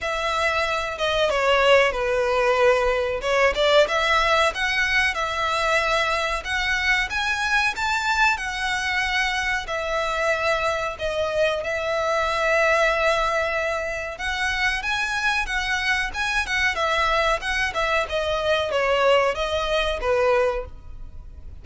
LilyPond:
\new Staff \with { instrumentName = "violin" } { \time 4/4 \tempo 4 = 93 e''4. dis''8 cis''4 b'4~ | b'4 cis''8 d''8 e''4 fis''4 | e''2 fis''4 gis''4 | a''4 fis''2 e''4~ |
e''4 dis''4 e''2~ | e''2 fis''4 gis''4 | fis''4 gis''8 fis''8 e''4 fis''8 e''8 | dis''4 cis''4 dis''4 b'4 | }